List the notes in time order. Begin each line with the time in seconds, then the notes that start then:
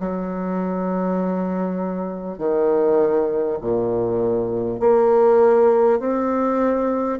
0.00 F#3
2.38 D#3
3.61 A#2
4.79 A#3
5.99 C4